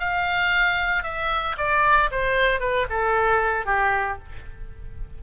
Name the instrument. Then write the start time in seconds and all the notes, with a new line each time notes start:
oboe
0.00 F5
1.04 E5
1.58 D5
2.11 C5
2.60 B4
2.90 A4
3.66 G4